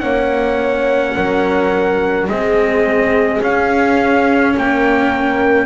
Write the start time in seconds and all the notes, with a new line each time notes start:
0.00 A#3 C#4 C#5 F#5
1.16 F#3 A#4
2.28 G#3 C4 G#4 D#5
3.42 C#4 F5
4.56 A#3 A#4 G5